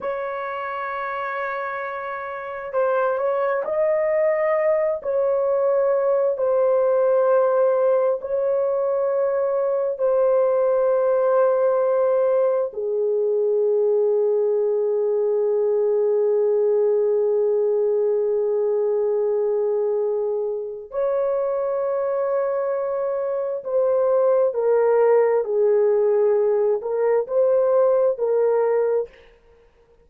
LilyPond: \new Staff \with { instrumentName = "horn" } { \time 4/4 \tempo 4 = 66 cis''2. c''8 cis''8 | dis''4. cis''4. c''4~ | c''4 cis''2 c''4~ | c''2 gis'2~ |
gis'1~ | gis'2. cis''4~ | cis''2 c''4 ais'4 | gis'4. ais'8 c''4 ais'4 | }